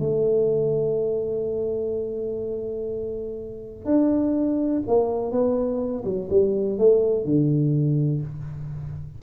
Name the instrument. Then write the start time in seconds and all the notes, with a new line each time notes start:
tuba
0.00 A3
3.86 D4
4.88 A#3
5.32 B3
6.05 F#3
6.30 G3
6.79 A3
7.25 D3